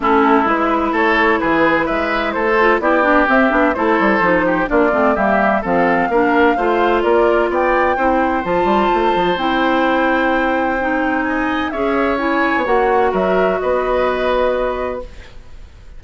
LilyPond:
<<
  \new Staff \with { instrumentName = "flute" } { \time 4/4 \tempo 4 = 128 a'4 b'4 cis''4 b'4 | e''4 c''4 d''4 e''4 | c''2 d''4 e''4 | f''2. d''4 |
g''2 a''2 | g''1 | gis''4 e''4 gis''4 fis''4 | e''4 dis''2. | }
  \new Staff \with { instrumentName = "oboe" } { \time 4/4 e'2 a'4 gis'4 | b'4 a'4 g'2 | a'4. g'8 f'4 g'4 | a'4 ais'4 c''4 ais'4 |
d''4 c''2.~ | c''1 | dis''4 cis''2. | ais'4 b'2. | }
  \new Staff \with { instrumentName = "clarinet" } { \time 4/4 cis'4 e'2.~ | e'4. f'8 e'8 d'8 c'8 d'8 | e'4 dis'4 d'8 c'8 ais4 | c'4 d'4 f'2~ |
f'4 e'4 f'2 | e'2. dis'4~ | dis'4 gis'4 e'4 fis'4~ | fis'1 | }
  \new Staff \with { instrumentName = "bassoon" } { \time 4/4 a4 gis4 a4 e4 | gis4 a4 b4 c'8 b8 | a8 g8 f4 ais8 a8 g4 | f4 ais4 a4 ais4 |
b4 c'4 f8 g8 a8 f8 | c'1~ | c'4 cis'4.~ cis'16 b16 ais4 | fis4 b2. | }
>>